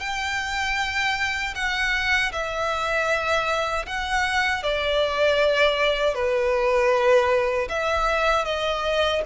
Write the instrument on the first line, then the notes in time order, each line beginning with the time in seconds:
violin
0.00 G5
1.55 F#5
2.32 E5
3.86 F#5
4.63 D5
6.14 B4
7.69 E5
8.45 D#5